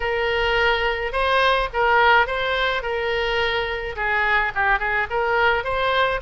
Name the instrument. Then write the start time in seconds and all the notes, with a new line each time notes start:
oboe
0.00 A#4
1.12 C5
1.73 A#4
2.26 C5
2.82 A#4
3.95 G#4
4.55 G4
4.79 G#4
5.10 A#4
5.63 C5